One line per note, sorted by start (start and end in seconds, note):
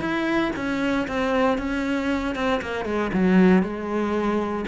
0.00 0.51 E4
0.56 1.07 C#4
1.07 1.58 C4
1.58 2.35 C#4
2.35 2.61 C4
2.62 2.85 A#3
2.85 3.11 G#3
3.13 3.62 F#3
3.62 4.65 G#3